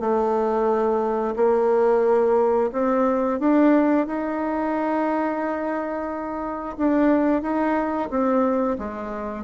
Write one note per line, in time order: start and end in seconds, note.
0.00 1.35 A3
1.36 2.71 A#3
2.73 3.40 C4
3.40 4.07 D4
4.07 6.76 D#4
6.78 7.42 D4
7.42 8.09 D#4
8.10 8.77 C4
8.79 9.44 G#3